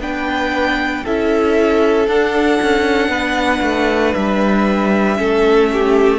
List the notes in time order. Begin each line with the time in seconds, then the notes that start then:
0.00 B3 D4 B4 G5
1.04 C#4 E4 A4 E5
2.07 D4 F#5
2.62 C#4
3.09 B3 B4
3.62 A3
4.14 G3 E5
5.16 A3 C#4 A4
5.73 G4